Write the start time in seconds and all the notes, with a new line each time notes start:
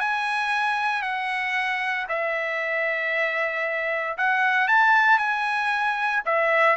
0.00 G#5
1.03 F#5
2.09 E5
4.18 F#5
4.68 A5
5.19 G#5
6.26 E5